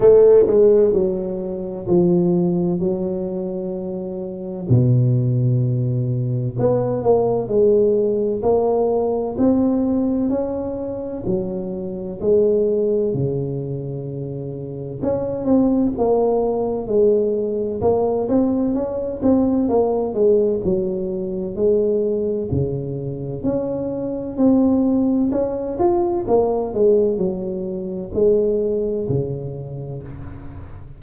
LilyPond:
\new Staff \with { instrumentName = "tuba" } { \time 4/4 \tempo 4 = 64 a8 gis8 fis4 f4 fis4~ | fis4 b,2 b8 ais8 | gis4 ais4 c'4 cis'4 | fis4 gis4 cis2 |
cis'8 c'8 ais4 gis4 ais8 c'8 | cis'8 c'8 ais8 gis8 fis4 gis4 | cis4 cis'4 c'4 cis'8 f'8 | ais8 gis8 fis4 gis4 cis4 | }